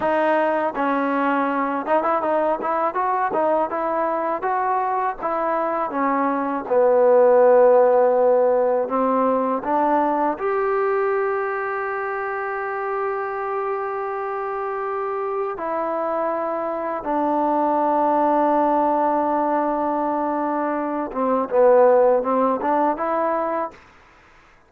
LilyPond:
\new Staff \with { instrumentName = "trombone" } { \time 4/4 \tempo 4 = 81 dis'4 cis'4. dis'16 e'16 dis'8 e'8 | fis'8 dis'8 e'4 fis'4 e'4 | cis'4 b2. | c'4 d'4 g'2~ |
g'1~ | g'4 e'2 d'4~ | d'1~ | d'8 c'8 b4 c'8 d'8 e'4 | }